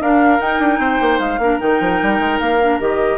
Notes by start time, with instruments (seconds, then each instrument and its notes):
0.00 bassoon D4, clarinet D4, oboe A#4, flute F5
0.40 clarinet D#4, bassoon D#4, flute G5
0.60 bassoon D4
0.79 bassoon C4, oboe C5
1.01 bassoon A#3
1.20 bassoon G#3, flute F5
1.39 bassoon A#3, clarinet D4, oboe A#4
1.60 bassoon D#3, clarinet D#4, flute G5
1.81 bassoon F3
2.03 bassoon G3
2.20 bassoon G#3
2.40 bassoon A#3, flute F5
2.62 clarinet D4
2.80 bassoon D#3, clarinet G4, flute D#5